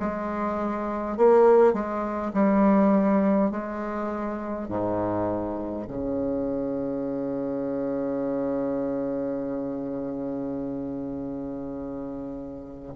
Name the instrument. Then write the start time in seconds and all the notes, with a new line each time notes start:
bassoon
0.00 G#3
1.18 A#3
1.73 G#3
2.34 G3
3.51 G#3
4.69 G#2
5.88 C#3